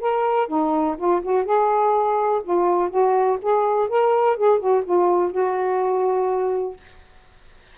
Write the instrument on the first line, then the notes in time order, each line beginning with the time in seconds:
saxophone
0.00 A#4
0.47 D#4
0.97 F4
1.22 F#4
1.45 G#4
2.43 F4
2.89 F#4
3.42 G#4
3.88 A#4
4.37 G#4
4.59 F#4
4.84 F4
5.31 F#4